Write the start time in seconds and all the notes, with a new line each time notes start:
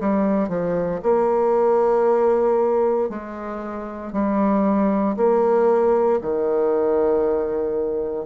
0.00 G3
0.49 F3
1.03 A#3
3.09 G#3
4.13 G3
5.16 A#3
6.21 D#3